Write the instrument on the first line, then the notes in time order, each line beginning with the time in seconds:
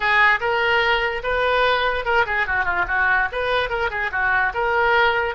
oboe
0.00 G#4
0.40 A#4
1.23 B4
2.05 A#4
2.26 G#4
2.46 F#4
2.64 F4
2.87 F#4
3.32 B4
3.69 A#4
3.90 G#4
4.11 F#4
4.54 A#4